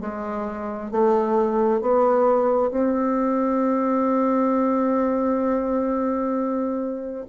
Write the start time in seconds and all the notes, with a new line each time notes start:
0.00 G#3
0.91 A3
1.81 B3
2.71 C4